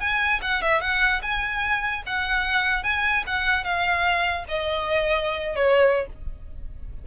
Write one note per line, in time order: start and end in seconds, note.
0.00 0.40 G#5
0.42 0.62 F#5
0.62 0.81 E5
0.81 1.21 F#5
1.22 2.03 G#5
2.06 2.84 F#5
2.84 3.24 G#5
3.27 3.64 F#5
3.64 4.45 F5
4.48 5.56 D#5
5.56 6.06 C#5